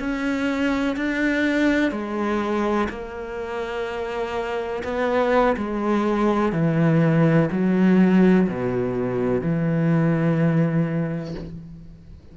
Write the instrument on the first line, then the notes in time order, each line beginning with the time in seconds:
cello
0.00 C#4
0.97 D4
1.92 G#3
2.90 A#3
4.84 B3
5.57 G#3
6.53 E3
7.52 F#3
8.49 B2
9.41 E3